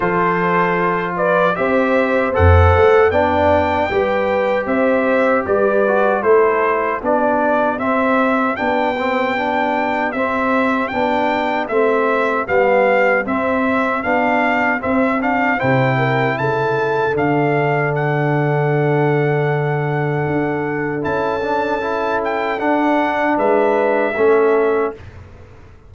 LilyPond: <<
  \new Staff \with { instrumentName = "trumpet" } { \time 4/4 \tempo 4 = 77 c''4. d''8 e''4 fis''4 | g''2 e''4 d''4 | c''4 d''4 e''4 g''4~ | g''4 e''4 g''4 e''4 |
f''4 e''4 f''4 e''8 f''8 | g''4 a''4 f''4 fis''4~ | fis''2. a''4~ | a''8 g''8 fis''4 e''2 | }
  \new Staff \with { instrumentName = "horn" } { \time 4/4 a'4. b'8 c''2 | d''4 b'4 c''4 b'4 | a'4 g'2.~ | g'1~ |
g'1 | c''8 ais'8 a'2.~ | a'1~ | a'2 b'4 a'4 | }
  \new Staff \with { instrumentName = "trombone" } { \time 4/4 f'2 g'4 a'4 | d'4 g'2~ g'8 fis'8 | e'4 d'4 c'4 d'8 c'8 | d'4 c'4 d'4 c'4 |
b4 c'4 d'4 c'8 d'8 | e'2 d'2~ | d'2. e'8 d'8 | e'4 d'2 cis'4 | }
  \new Staff \with { instrumentName = "tuba" } { \time 4/4 f2 c'4 f,8 a8 | b4 g4 c'4 g4 | a4 b4 c'4 b4~ | b4 c'4 b4 a4 |
g4 c'4 b4 c'4 | c4 cis4 d2~ | d2 d'4 cis'4~ | cis'4 d'4 gis4 a4 | }
>>